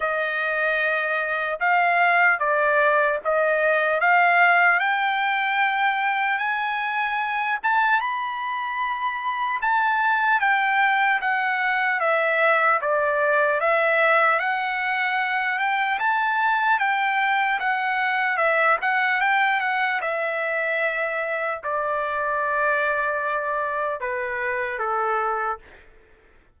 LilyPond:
\new Staff \with { instrumentName = "trumpet" } { \time 4/4 \tempo 4 = 75 dis''2 f''4 d''4 | dis''4 f''4 g''2 | gis''4. a''8 b''2 | a''4 g''4 fis''4 e''4 |
d''4 e''4 fis''4. g''8 | a''4 g''4 fis''4 e''8 fis''8 | g''8 fis''8 e''2 d''4~ | d''2 b'4 a'4 | }